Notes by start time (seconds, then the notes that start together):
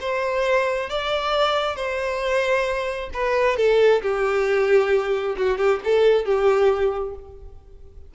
0.00 C5
0.89 D5
1.76 C5
3.13 B4
3.56 A4
4.02 G4
5.37 F#4
5.57 G4
5.84 A4
6.25 G4